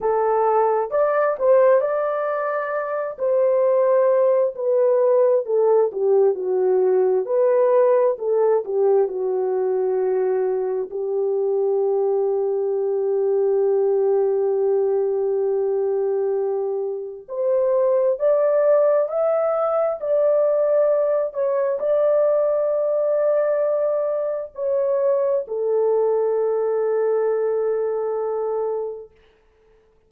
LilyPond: \new Staff \with { instrumentName = "horn" } { \time 4/4 \tempo 4 = 66 a'4 d''8 c''8 d''4. c''8~ | c''4 b'4 a'8 g'8 fis'4 | b'4 a'8 g'8 fis'2 | g'1~ |
g'2. c''4 | d''4 e''4 d''4. cis''8 | d''2. cis''4 | a'1 | }